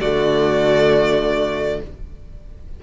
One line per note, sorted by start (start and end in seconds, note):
0.00 1.80 D3
0.00 1.83 A3
0.00 1.80 F#4
0.00 1.80 D5